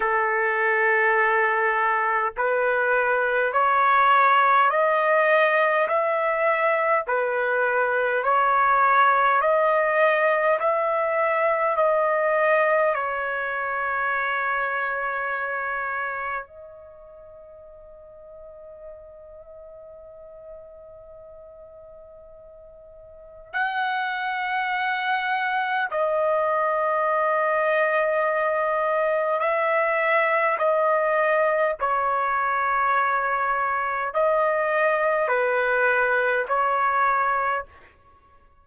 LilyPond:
\new Staff \with { instrumentName = "trumpet" } { \time 4/4 \tempo 4 = 51 a'2 b'4 cis''4 | dis''4 e''4 b'4 cis''4 | dis''4 e''4 dis''4 cis''4~ | cis''2 dis''2~ |
dis''1 | fis''2 dis''2~ | dis''4 e''4 dis''4 cis''4~ | cis''4 dis''4 b'4 cis''4 | }